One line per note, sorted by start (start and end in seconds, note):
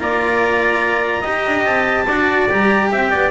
0.00 1.25 A#3
0.00 1.24 F4
0.00 1.22 D5
0.00 1.66 A#5
1.22 1.46 D#4
1.22 2.07 G4
1.22 2.05 D#5
1.47 1.66 D4
1.66 2.07 C4
1.66 2.48 A5
2.07 2.49 D4
2.07 2.50 F#4
2.07 2.90 D5
2.50 2.92 G3
2.50 3.31 G4
2.50 2.89 A#5
2.89 3.13 C4
2.89 3.11 E5
2.89 3.31 G5
3.11 3.31 B3
3.11 3.31 D5